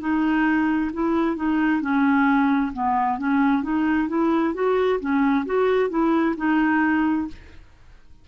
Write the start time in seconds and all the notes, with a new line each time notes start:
0.00 D#4
0.93 E4
1.36 D#4
1.81 C#4
2.73 B3
3.18 C#4
3.63 D#4
4.08 E4
4.54 F#4
5.00 C#4
5.45 F#4
5.90 E4
6.36 D#4